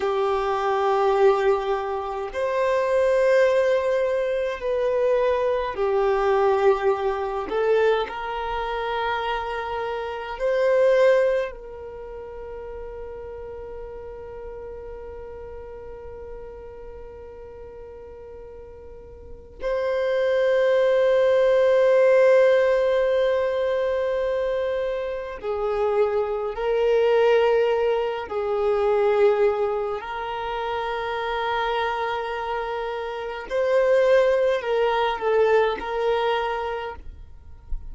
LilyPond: \new Staff \with { instrumentName = "violin" } { \time 4/4 \tempo 4 = 52 g'2 c''2 | b'4 g'4. a'8 ais'4~ | ais'4 c''4 ais'2~ | ais'1~ |
ais'4 c''2.~ | c''2 gis'4 ais'4~ | ais'8 gis'4. ais'2~ | ais'4 c''4 ais'8 a'8 ais'4 | }